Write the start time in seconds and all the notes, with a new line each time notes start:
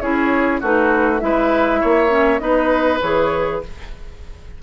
0.00 C#4 E4 G#4 C#5
0.60 A3 D#4 F#4 B4
1.19 G#3 E4 B4 E5
1.80 A#3 C#5
2.09 C#4
2.39 B3 D#4 B4 D#5
3.01 E3 G#4 C#5